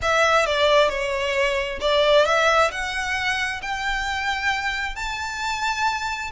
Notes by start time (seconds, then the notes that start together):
0.01 E5
0.46 D5
0.89 C#5
1.80 D5
2.25 E5
2.71 F#5
3.62 G5
4.95 A5